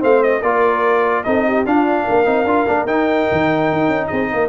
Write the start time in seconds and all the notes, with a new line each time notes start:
0.00 A3 C4 C5 F5
0.23 D#5
0.41 A#3 F4 A#4 D5
1.24 C4 D#4 A4 D#5
1.47 G4
1.66 D4 F4 F5
2.04 A#3 A#4
2.25 C4 D#4
2.44 D4 F4
2.67 A#3 D4
2.86 D#4 G5
3.32 D#3
3.72 D#4
3.88 C#4
4.07 C4 G#4 D#5
4.32 A#3 A#4